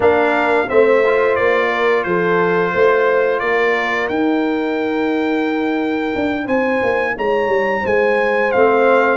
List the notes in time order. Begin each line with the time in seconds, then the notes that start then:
0.00 A#3 D4 A#4 F5
0.67 A3 C4 C5 E5
1.06 F4
1.35 A#3 D5
1.70 A#4
2.03 F3 A4 C5
2.72 A3 C5
3.39 A#3 A#4 D5
4.08 D#4 G5
6.15 D4
6.43 C4 C5 G#5
6.82 A#3
7.16 G#3 C#5 A#5
7.47 G3
7.81 G#3 C5 G#5
8.51 A3 C4 F5